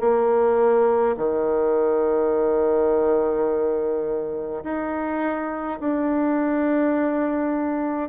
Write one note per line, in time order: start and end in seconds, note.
0.00 1.15 A#3
1.17 4.63 D#3
4.63 5.78 D#4
5.80 8.09 D4